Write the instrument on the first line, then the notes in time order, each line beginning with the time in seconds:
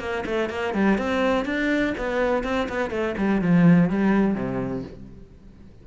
cello
0.00 A#3
0.26 A3
0.50 A#3
0.75 G3
0.98 C4
1.46 D4
1.98 B3
2.44 C4
2.69 B3
2.91 A3
3.18 G3
3.42 F3
3.90 G3
4.35 C3